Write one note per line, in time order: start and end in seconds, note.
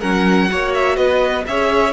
0.00 0.51 F#3
0.00 0.49 C#4
0.00 0.48 A#4
0.00 0.73 F#5
0.49 0.97 A#3
0.49 1.45 F#4
0.49 0.96 C#5
0.74 0.96 E5
0.96 1.45 B3
0.96 1.44 B4
0.96 1.44 D#5
1.47 1.93 C#4
1.47 1.93 G#4
1.47 1.93 C#5
1.47 1.93 E5